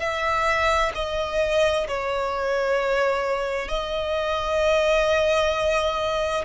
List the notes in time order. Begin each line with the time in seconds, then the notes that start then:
0.00 E5
0.95 D#5
1.88 C#5
3.69 D#5